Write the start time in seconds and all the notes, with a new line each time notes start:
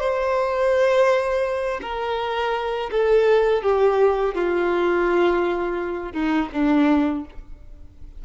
0.00 C5
1.82 A#4
2.91 A4
3.63 G4
4.35 F4
6.12 D#4
6.53 D4